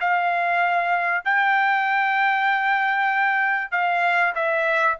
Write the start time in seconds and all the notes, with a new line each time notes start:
0.00 F5
1.24 G5
3.71 F5
4.35 E5